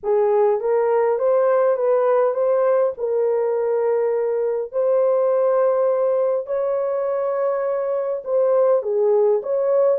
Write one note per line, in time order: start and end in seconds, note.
0.03 0.60 G#4
0.60 1.18 A#4
1.18 1.76 C5
1.76 2.34 B4
2.34 2.93 C5
2.97 4.72 A#4
4.72 6.46 C5
6.46 8.22 C#5
8.24 8.82 C5
8.82 9.41 G#4
9.42 9.98 C#5